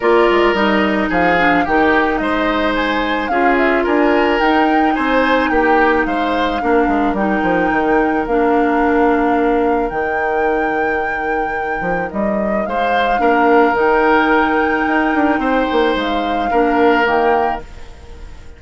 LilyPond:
<<
  \new Staff \with { instrumentName = "flute" } { \time 4/4 \tempo 4 = 109 d''4 dis''4 f''4 g''4 | dis''4 gis''4 f''8 e''8 gis''4 | g''4 gis''4 g''4 f''4~ | f''4 g''2 f''4~ |
f''2 g''2~ | g''2 dis''4 f''4~ | f''4 g''2.~ | g''4 f''2 g''4 | }
  \new Staff \with { instrumentName = "oboe" } { \time 4/4 ais'2 gis'4 g'4 | c''2 gis'4 ais'4~ | ais'4 c''4 g'4 c''4 | ais'1~ |
ais'1~ | ais'2. c''4 | ais'1 | c''2 ais'2 | }
  \new Staff \with { instrumentName = "clarinet" } { \time 4/4 f'4 dis'4. d'8 dis'4~ | dis'2 f'2 | dis'1 | d'4 dis'2 d'4~ |
d'2 dis'2~ | dis'1 | d'4 dis'2.~ | dis'2 d'4 ais4 | }
  \new Staff \with { instrumentName = "bassoon" } { \time 4/4 ais8 gis8 g4 f4 dis4 | gis2 cis'4 d'4 | dis'4 c'4 ais4 gis4 | ais8 gis8 g8 f8 dis4 ais4~ |
ais2 dis2~ | dis4. f8 g4 gis4 | ais4 dis2 dis'8 d'8 | c'8 ais8 gis4 ais4 dis4 | }
>>